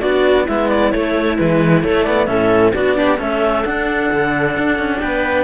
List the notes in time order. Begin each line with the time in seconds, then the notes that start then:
0.00 B3 D4 F#4 D5
0.45 G#3 B3 E4 E5
0.69 D5
0.92 A3 C#5
1.38 E3 G#3 B4
1.83 A3 C#5
2.04 B3 D5
2.26 A2 C#4 A4 E5
2.74 B3 D4 F#4 D5
2.96 D4 G4
3.18 A3 C#4 A4 E5
3.65 D4 F#5
4.12 D3
4.57 D4
4.79 C#4
5.00 B3 B4 G5